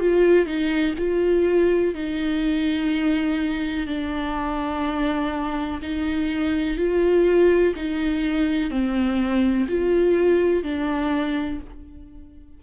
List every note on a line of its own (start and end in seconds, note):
0.00 0.46 F4
0.46 0.95 D#4
0.98 1.94 F4
1.94 3.87 D#4
3.87 5.81 D4
5.82 6.77 D#4
6.77 7.74 F4
7.76 8.71 D#4
8.71 9.67 C4
9.68 10.64 F4
10.64 11.60 D4